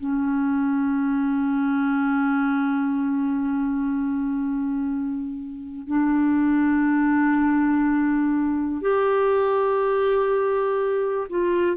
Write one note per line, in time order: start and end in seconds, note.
0.00 5.87 C#4
5.87 8.82 D4
8.82 11.28 G4
11.30 11.77 F4